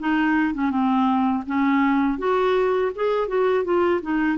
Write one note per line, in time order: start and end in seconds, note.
0.00 0.55 D#4
0.55 0.71 C#4
0.71 1.44 C4
1.47 2.19 C#4
2.19 2.92 F#4
2.96 3.28 G#4
3.28 3.65 F#4
3.65 4.01 F4
4.02 4.39 D#4